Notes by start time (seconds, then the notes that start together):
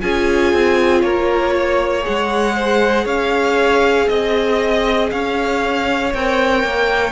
0.00 C#4 F4 G#4 G#5
0.53 C4
1.01 A#3 A#4 C#5
1.54 C#5
2.01 G#4 F#5
2.08 G#3
2.55 C5
3.04 C#4 C#5 F5
4.08 C4 D#5
5.10 C#4 C#5 F5
6.14 C4 A#4 G5
6.63 A#3